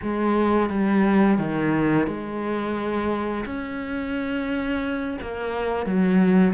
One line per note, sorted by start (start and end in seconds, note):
0.02 0.69 G#3
0.69 1.38 G3
1.38 2.07 D#3
2.07 3.45 G#3
3.45 5.18 C#4
5.21 5.86 A#3
5.86 6.53 F#3